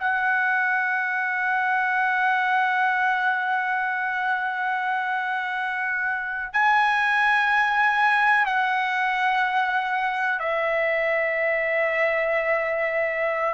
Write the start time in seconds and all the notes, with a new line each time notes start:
0.00 F#5
6.53 G#5
8.46 F#5
10.39 E5